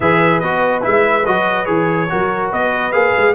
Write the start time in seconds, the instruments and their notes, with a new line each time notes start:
0.00 tuba E3, trombone G#4, horn B4, trumpet E5
0.39 tuba B3, trombone F#4, trumpet D#5
0.81 tuba G#3, trombone E4, trumpet E5
1.26 tuba F#3, trombone F#4, trumpet D#5
1.65 tuba E3, trombone G#4, trumpet C#5
2.09 tuba F#3, trombone F#4, horn A#4
2.50 tuba B3, horn B4, trumpet D#5
2.92 tuba A#3, trombone G#4, trumpet F5
3.17 tuba G#3